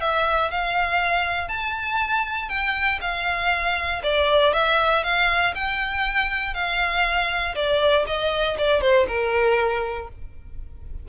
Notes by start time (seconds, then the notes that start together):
0.00 E5
0.50 F5
1.48 A5
2.48 G5
3.01 F5
4.03 D5
4.53 E5
5.03 F5
5.55 G5
6.54 F5
7.55 D5
8.06 D#5
8.58 D5
8.81 C5
9.07 A#4